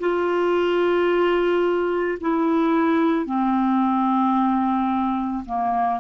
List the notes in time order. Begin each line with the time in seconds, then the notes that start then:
0.00 F4
2.21 E4
3.26 C4
5.46 A#3